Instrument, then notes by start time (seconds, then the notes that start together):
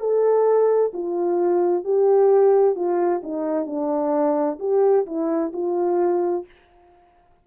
horn
0.00 A4
0.94 F4
1.85 G4
2.76 F4
3.23 D#4
3.67 D4
4.60 G4
5.06 E4
5.53 F4